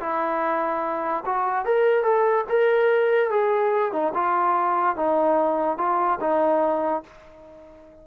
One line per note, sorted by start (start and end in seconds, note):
0.00 1.24 E4
1.26 1.66 F#4
1.66 2.04 A#4
2.04 2.45 A4
2.49 3.30 A#4
3.30 3.92 G#4
3.92 4.13 D#4
4.14 4.96 F4
4.96 5.78 D#4
5.78 6.19 F4
6.21 7.03 D#4